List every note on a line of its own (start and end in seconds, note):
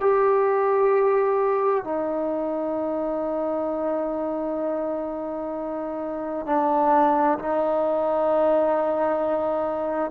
0.00 1.84 G4
1.84 6.46 D#4
6.46 7.38 D4
7.39 10.11 D#4